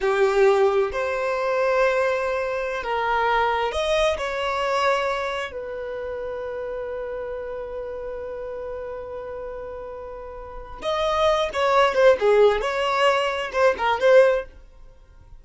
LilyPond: \new Staff \with { instrumentName = "violin" } { \time 4/4 \tempo 4 = 133 g'2 c''2~ | c''2~ c''16 ais'4.~ ais'16~ | ais'16 dis''4 cis''2~ cis''8.~ | cis''16 b'2.~ b'8.~ |
b'1~ | b'1 | dis''4. cis''4 c''8 gis'4 | cis''2 c''8 ais'8 c''4 | }